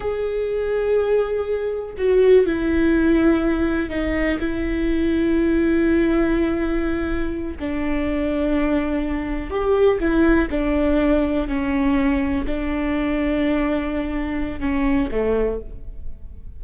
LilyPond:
\new Staff \with { instrumentName = "viola" } { \time 4/4 \tempo 4 = 123 gis'1 | fis'4 e'2. | dis'4 e'2.~ | e'2.~ e'8 d'8~ |
d'2.~ d'8 g'8~ | g'8 e'4 d'2 cis'8~ | cis'4. d'2~ d'8~ | d'2 cis'4 a4 | }